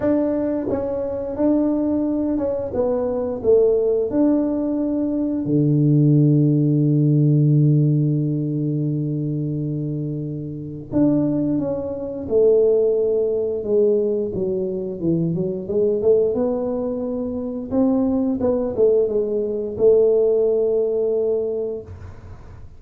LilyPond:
\new Staff \with { instrumentName = "tuba" } { \time 4/4 \tempo 4 = 88 d'4 cis'4 d'4. cis'8 | b4 a4 d'2 | d1~ | d1 |
d'4 cis'4 a2 | gis4 fis4 e8 fis8 gis8 a8 | b2 c'4 b8 a8 | gis4 a2. | }